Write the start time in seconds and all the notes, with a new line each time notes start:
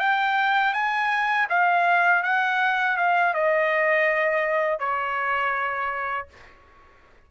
0.00 G5
0.74 G#5
1.50 F5
2.23 F#5
2.98 F5
3.34 D#5
4.80 C#5